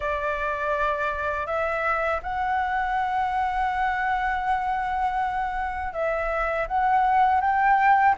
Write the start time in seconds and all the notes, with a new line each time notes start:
0.00 D5
1.46 E5
2.23 F#5
5.93 E5
6.67 F#5
7.41 G5